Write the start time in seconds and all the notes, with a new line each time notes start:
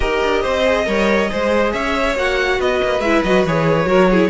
0.00 D#4 G4 A#4 D#5
0.23 D4
0.41 C4 C5
0.65 G#4
0.85 G3 A#4 C#5
1.28 G#3 G#4 C5
1.72 C#4 C#5 E5
2.15 A#3 F#4 F#5
2.59 B3 B4 D#5
2.83 A#3
2.99 G#3 E4 E5
3.23 F#3 F#4 D#5
3.45 E3 G#4 C#5
3.85 F#3 F#4 A#4
4.10 E4 G#4